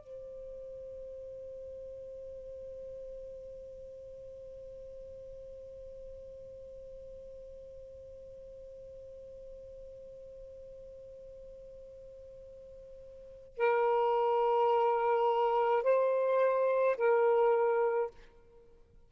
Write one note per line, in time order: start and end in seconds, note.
0.00 13.57 C5
13.57 15.83 A#4
15.83 16.96 C5
16.97 18.10 A#4